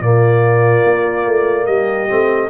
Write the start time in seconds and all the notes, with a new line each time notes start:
0.00 A#2 A#3 F4 D5
0.85 A#3
1.27 A3
1.67 G3 G4 D#5
2.08 A3 C4